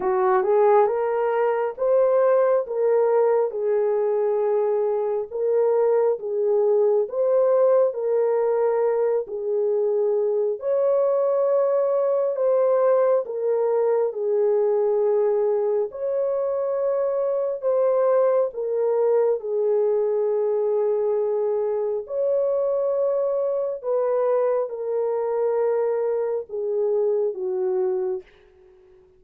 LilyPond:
\new Staff \with { instrumentName = "horn" } { \time 4/4 \tempo 4 = 68 fis'8 gis'8 ais'4 c''4 ais'4 | gis'2 ais'4 gis'4 | c''4 ais'4. gis'4. | cis''2 c''4 ais'4 |
gis'2 cis''2 | c''4 ais'4 gis'2~ | gis'4 cis''2 b'4 | ais'2 gis'4 fis'4 | }